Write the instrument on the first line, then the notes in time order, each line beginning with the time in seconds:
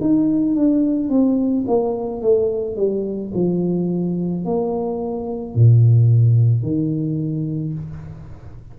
tuba
0.00 D#4
0.55 D4
1.09 C4
1.67 A#3
2.22 A3
2.76 G3
3.34 F3
4.44 A#3
5.55 A#2
6.62 D#3